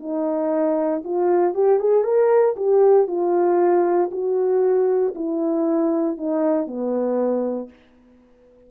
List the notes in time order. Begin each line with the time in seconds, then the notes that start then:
0.00 D#4
1.04 F4
1.55 G4
1.79 G#4
2.04 A#4
2.56 G4
3.08 F4
4.12 F#4
5.15 E4
6.18 D#4
6.67 B3